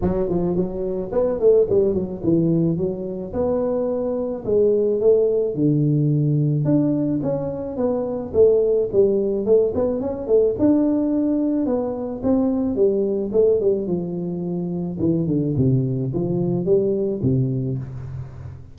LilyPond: \new Staff \with { instrumentName = "tuba" } { \time 4/4 \tempo 4 = 108 fis8 f8 fis4 b8 a8 g8 fis8 | e4 fis4 b2 | gis4 a4 d2 | d'4 cis'4 b4 a4 |
g4 a8 b8 cis'8 a8 d'4~ | d'4 b4 c'4 g4 | a8 g8 f2 e8 d8 | c4 f4 g4 c4 | }